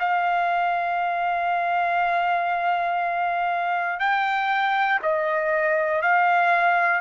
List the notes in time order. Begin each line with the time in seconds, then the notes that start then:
0.00 F5
4.00 G5
5.03 D#5
6.03 F5